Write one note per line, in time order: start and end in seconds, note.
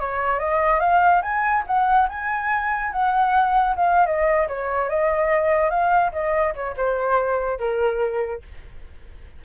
0.00 0.39 C#5
0.39 0.80 D#5
0.80 1.21 F5
1.22 1.63 G#5
1.67 2.08 F#5
2.09 2.92 G#5
2.92 3.75 F#5
3.76 4.06 F5
4.06 4.48 D#5
4.48 4.89 C#5
4.89 5.70 D#5
5.70 6.12 F5
6.12 6.54 D#5
6.55 6.75 C#5
6.77 7.59 C5
7.59 8.42 A#4